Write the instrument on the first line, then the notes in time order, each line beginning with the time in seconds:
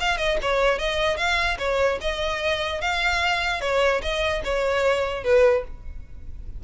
violin
0.00 F5
0.18 D#5
0.42 C#5
0.79 D#5
1.17 F5
1.59 C#5
2.01 D#5
2.81 F5
3.61 C#5
4.02 D#5
4.45 C#5
5.24 B4